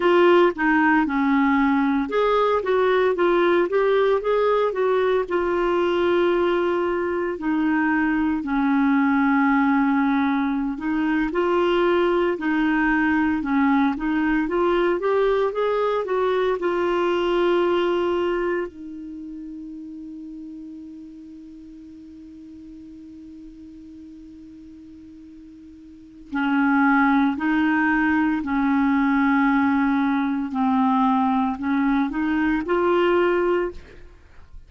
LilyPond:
\new Staff \with { instrumentName = "clarinet" } { \time 4/4 \tempo 4 = 57 f'8 dis'8 cis'4 gis'8 fis'8 f'8 g'8 | gis'8 fis'8 f'2 dis'4 | cis'2~ cis'16 dis'8 f'4 dis'16~ | dis'8. cis'8 dis'8 f'8 g'8 gis'8 fis'8 f'16~ |
f'4.~ f'16 dis'2~ dis'16~ | dis'1~ | dis'4 cis'4 dis'4 cis'4~ | cis'4 c'4 cis'8 dis'8 f'4 | }